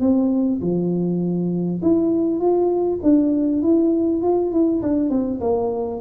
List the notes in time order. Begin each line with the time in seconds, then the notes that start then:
0.00 C4
0.61 F3
1.82 E4
2.39 F4
3.02 D4
3.62 E4
4.22 F4
4.51 E4
4.82 D4
5.09 C4
5.40 A#3